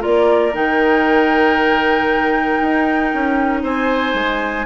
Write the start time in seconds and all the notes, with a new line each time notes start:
0.00 A#3 F4 A#4 D5
0.53 D#3 D#4 G5
2.61 D#4
3.14 C#4
3.63 C4 C5 G#5
4.14 G#3